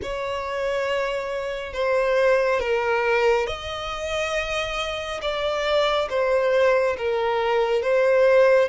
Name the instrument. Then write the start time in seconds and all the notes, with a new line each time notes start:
violin
0.02 C#5
1.73 C5
2.60 A#4
3.46 D#5
5.21 D5
6.09 C5
6.97 A#4
7.82 C5